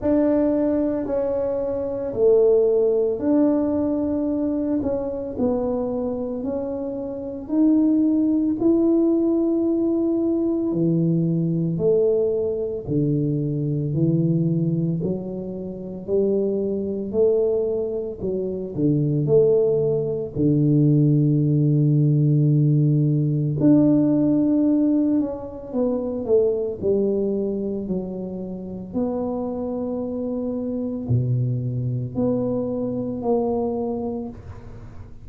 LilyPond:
\new Staff \with { instrumentName = "tuba" } { \time 4/4 \tempo 4 = 56 d'4 cis'4 a4 d'4~ | d'8 cis'8 b4 cis'4 dis'4 | e'2 e4 a4 | d4 e4 fis4 g4 |
a4 fis8 d8 a4 d4~ | d2 d'4. cis'8 | b8 a8 g4 fis4 b4~ | b4 b,4 b4 ais4 | }